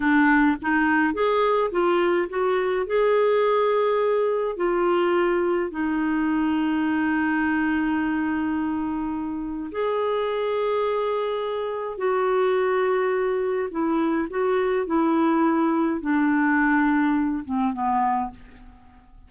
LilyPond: \new Staff \with { instrumentName = "clarinet" } { \time 4/4 \tempo 4 = 105 d'4 dis'4 gis'4 f'4 | fis'4 gis'2. | f'2 dis'2~ | dis'1~ |
dis'4 gis'2.~ | gis'4 fis'2. | e'4 fis'4 e'2 | d'2~ d'8 c'8 b4 | }